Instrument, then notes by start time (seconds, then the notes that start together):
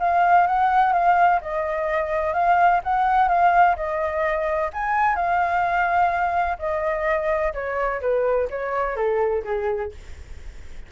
flute
0.00 F5
0.47 F#5
0.93 F5
1.42 D#5
2.34 F5
2.84 F#5
3.29 F5
3.76 D#5
4.74 G#5
5.16 F5
6.59 D#5
7.54 C#5
8.02 B4
8.50 C#5
8.96 A4
9.45 G#4